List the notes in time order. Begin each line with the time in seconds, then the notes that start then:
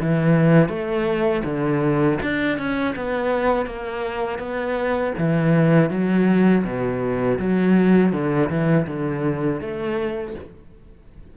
0.00 E3
0.68 A3
1.44 D3
2.22 D4
2.58 C#4
2.95 B3
3.66 A#3
4.38 B3
5.18 E3
5.90 F#3
6.64 B2
7.38 F#3
8.12 D3
8.49 E3
8.86 D3
9.60 A3